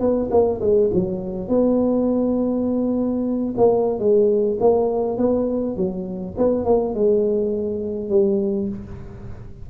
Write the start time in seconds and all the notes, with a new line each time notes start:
0.00 B3
0.31 A#3
0.61 G#3
0.93 F#3
1.48 B3
3.57 A#3
3.99 G#3
4.60 A#3
5.17 B3
5.76 F#3
6.37 B3
6.65 A#3
6.94 G#3
8.09 G3